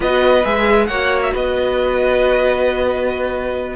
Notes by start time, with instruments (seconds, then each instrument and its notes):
0.00 cello B3, viola F#4, violin B4 D#5
0.45 cello G#3, viola G#4, violin E5
0.86 cello A#3, viola F#4, violin C#5 F#5
1.22 violin E5
1.32 cello B3, violin B4 D#5